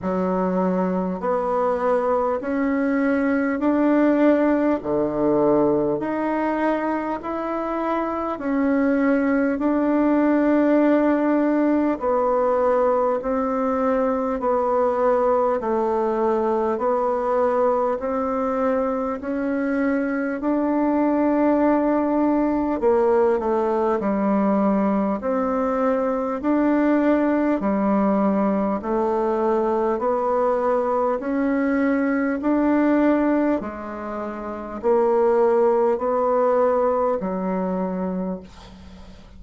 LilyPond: \new Staff \with { instrumentName = "bassoon" } { \time 4/4 \tempo 4 = 50 fis4 b4 cis'4 d'4 | d4 dis'4 e'4 cis'4 | d'2 b4 c'4 | b4 a4 b4 c'4 |
cis'4 d'2 ais8 a8 | g4 c'4 d'4 g4 | a4 b4 cis'4 d'4 | gis4 ais4 b4 fis4 | }